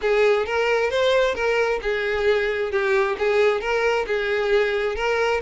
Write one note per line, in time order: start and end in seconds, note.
0.01 0.46 G#4
0.46 0.90 A#4
0.90 1.35 C5
1.35 1.80 A#4
1.82 2.71 G#4
2.71 3.16 G4
3.18 3.60 G#4
3.60 4.05 A#4
4.06 4.95 G#4
4.95 5.40 A#4